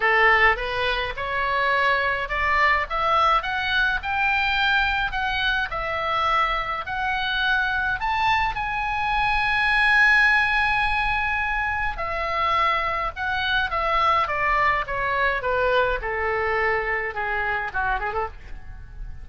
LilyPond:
\new Staff \with { instrumentName = "oboe" } { \time 4/4 \tempo 4 = 105 a'4 b'4 cis''2 | d''4 e''4 fis''4 g''4~ | g''4 fis''4 e''2 | fis''2 a''4 gis''4~ |
gis''1~ | gis''4 e''2 fis''4 | e''4 d''4 cis''4 b'4 | a'2 gis'4 fis'8 gis'16 a'16 | }